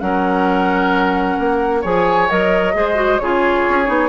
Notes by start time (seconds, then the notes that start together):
0.00 F#3 C#4 A#4 F#5
1.38 A#3
1.81 F3 G#4 C#5 G#5
2.30 F#3 A#4 D#5
2.74 G#3 G#4 C5
2.95 F#4
3.19 C#3 F4 G#4 C#5
3.69 C#4
3.86 B3 D#4